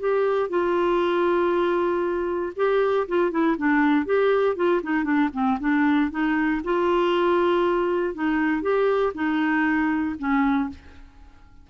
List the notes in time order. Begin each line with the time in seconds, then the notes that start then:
0.00 G4
0.50 F4
2.57 G4
3.08 F4
3.32 E4
3.58 D4
4.06 G4
4.56 F4
4.83 D#4
5.04 D4
5.34 C4
5.61 D4
6.11 D#4
6.64 F4
8.15 D#4
8.63 G4
9.15 D#4
10.19 C#4